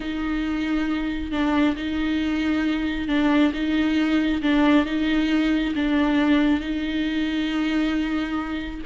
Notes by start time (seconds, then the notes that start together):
0.00 D#4
1.31 D4
1.76 D#4
3.08 D4
3.53 D#4
4.41 D4
4.85 D#4
5.75 D4
6.60 D#4